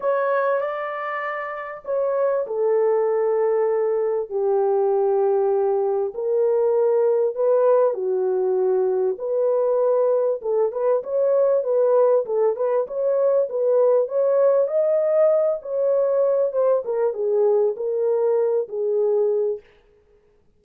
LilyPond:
\new Staff \with { instrumentName = "horn" } { \time 4/4 \tempo 4 = 98 cis''4 d''2 cis''4 | a'2. g'4~ | g'2 ais'2 | b'4 fis'2 b'4~ |
b'4 a'8 b'8 cis''4 b'4 | a'8 b'8 cis''4 b'4 cis''4 | dis''4. cis''4. c''8 ais'8 | gis'4 ais'4. gis'4. | }